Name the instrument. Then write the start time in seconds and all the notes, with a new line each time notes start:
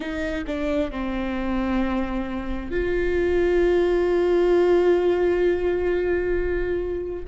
viola
0.00 D#4
0.46 D4
0.91 C4
2.70 F4